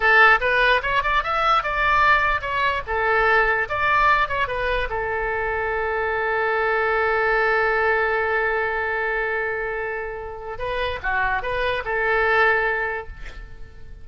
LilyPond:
\new Staff \with { instrumentName = "oboe" } { \time 4/4 \tempo 4 = 147 a'4 b'4 cis''8 d''8 e''4 | d''2 cis''4 a'4~ | a'4 d''4. cis''8 b'4 | a'1~ |
a'1~ | a'1~ | a'2 b'4 fis'4 | b'4 a'2. | }